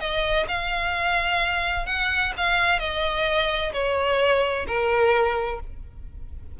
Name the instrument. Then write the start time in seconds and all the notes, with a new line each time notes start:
violin
0.00 D#5
0.48 F5
1.86 F#5
2.37 F5
2.79 D#5
3.73 C#5
4.67 A#4